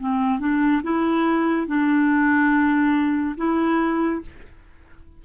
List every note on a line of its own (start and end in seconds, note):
0.00 0.40 C4
0.40 0.82 D4
0.83 1.67 E4
1.67 3.36 D4
3.37 4.22 E4